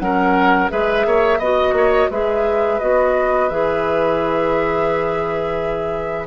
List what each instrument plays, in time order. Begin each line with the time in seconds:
0.00 bassoon F#3, clarinet C#4, oboe A#4, flute F#5
0.70 bassoon G#3, clarinet G#4, oboe B4, flute E5
1.06 bassoon A#3, oboe C#5
1.39 bassoon B3, clarinet F#4, oboe D#5, flute D#5
1.73 bassoon A#3, oboe C#5
2.11 bassoon G#3, clarinet G#4, oboe B4, flute E5
2.80 bassoon B3, clarinet F#4, flute D#5
3.49 bassoon E3, clarinet G#4, flute E5